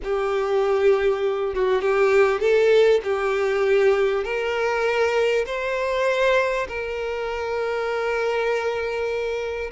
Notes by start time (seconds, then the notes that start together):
0.03 G4
1.54 F#4
1.81 G4
2.40 A4
3.03 G4
4.24 A#4
5.45 C5
6.67 A#4